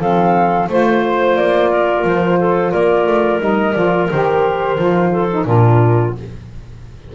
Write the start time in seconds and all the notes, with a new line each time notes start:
0.00 F3 C4 A4 F5
0.69 A3 F4 C5
1.36 A#3 D5
1.71 A#4
2.05 F3 C5
2.39 A4
2.72 A#3 A#4 D5
3.07 A3
3.40 G3 D#4 D#5
3.74 F3 F4 D5
4.11 D#3 G4 C5
4.77 F3 F4
5.12 A4
5.32 D#4
5.46 A#2 D4 F4 A#4